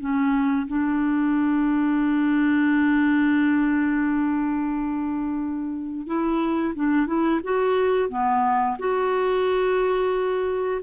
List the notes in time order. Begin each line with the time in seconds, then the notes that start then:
0.00 C#4
0.67 D4
6.07 E4
6.75 D4
7.07 E4
7.43 F#4
8.09 B3
8.79 F#4